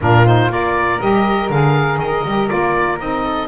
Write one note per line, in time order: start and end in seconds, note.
0.01 0.49 A#2
0.01 0.25 D4
0.01 0.52 F4
0.01 0.26 A#4
0.25 0.49 D#4
0.25 0.51 C5
0.49 0.99 A#3
0.49 0.99 F4
0.49 3.23 A#4
0.49 1.00 D5
1.00 1.49 G3
1.00 1.50 G4
1.00 1.50 D#5
1.49 1.97 D3
1.49 2.25 G#4
1.49 1.99 F5
1.97 2.23 D#3
1.97 2.49 D#5
2.24 2.49 G3
2.24 2.48 G4
2.48 3.00 A#3
2.48 2.98 F4
2.48 2.99 D5
2.99 3.48 C4
2.99 3.48 D#4
2.99 3.48 D#5
3.23 3.48 A4